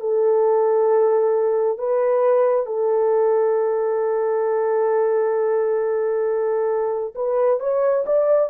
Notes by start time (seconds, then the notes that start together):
0.00 A4
1.78 B4
2.66 A4
7.15 B4
7.60 C#5
8.06 D5